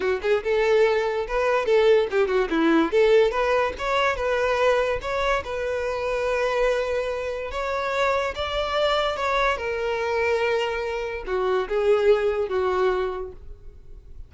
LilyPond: \new Staff \with { instrumentName = "violin" } { \time 4/4 \tempo 4 = 144 fis'8 gis'8 a'2 b'4 | a'4 g'8 fis'8 e'4 a'4 | b'4 cis''4 b'2 | cis''4 b'2.~ |
b'2 cis''2 | d''2 cis''4 ais'4~ | ais'2. fis'4 | gis'2 fis'2 | }